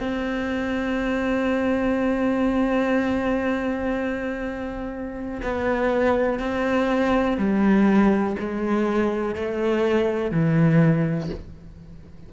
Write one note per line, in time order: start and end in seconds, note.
0.00 5.41 C4
5.42 6.39 B3
6.39 7.37 C4
7.37 8.36 G3
8.39 9.35 G#3
9.35 10.31 A3
10.31 11.29 E3